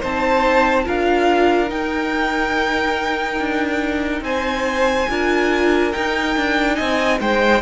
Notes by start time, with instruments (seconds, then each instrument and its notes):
0.00 cello C4, viola D#4, violin C5 A5
0.85 cello D4, viola F4, violin A#4 F5
1.68 viola D#4, cello D#4, violin G5
3.39 cello D4
4.21 cello C4, violin C5 G#5
5.09 cello D4, viola F4, violin A#4
5.93 viola D#4, cello D#4, violin G5
6.37 cello D4
6.75 cello C4, violin D#5 G#5
7.20 cello G#3, violin C5 G5